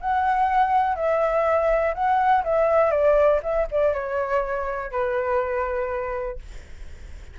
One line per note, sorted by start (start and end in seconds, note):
0.00 0.95 F#5
0.95 1.94 E5
1.94 2.43 F#5
2.44 2.90 E5
2.90 3.40 D5
3.43 3.67 E5
3.71 3.93 D5
3.93 4.91 C#5
4.91 6.38 B4